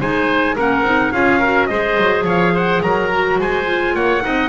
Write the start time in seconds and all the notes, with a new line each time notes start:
0.00 G#3 D#4 C5 G#5
0.56 A#3 C#4 A#4 F#5
0.83 C4 D#4
1.12 C#4 F4 G#4 F5
1.39 F#4 A#4
1.67 G#3 G#4 C5 D#5
1.98 F#3
2.24 F3 C#5 F5
2.54 C5 F#5
2.83 F#3 A#4 A#5
3.11 F#4
3.39 G#3 C5 G#5
3.65 F4
3.95 A#3 C#5 F#5
4.21 C4 D#4 D#5